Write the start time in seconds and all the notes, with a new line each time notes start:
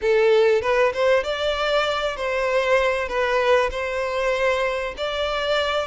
0.01 A4
0.61 B4
0.93 C5
1.23 D5
2.16 C5
3.08 B4
3.70 C5
4.97 D5